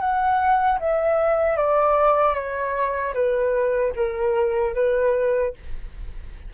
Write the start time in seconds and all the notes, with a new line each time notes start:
0.00 F#5
0.80 E5
1.57 D5
2.34 C#5
3.14 B4
3.95 A#4
4.74 B4